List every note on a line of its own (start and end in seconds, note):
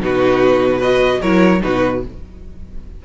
0.00 1.21 B2
0.00 0.81 D#4
0.00 0.78 F#4
0.00 0.81 B4
0.78 1.21 F#4
0.78 1.18 B4
0.78 1.21 D#5
1.21 1.62 F#3
1.21 1.61 E4
1.21 1.61 A#4
1.21 1.61 C#5
1.61 2.05 B2
1.61 2.01 D#4
1.61 2.02 F#4
1.61 2.03 B4